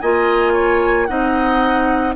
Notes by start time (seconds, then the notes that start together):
0.00 A#3 F4 D#5 G#5
0.53 C#5
1.06 C4 D#4 D#5 F#5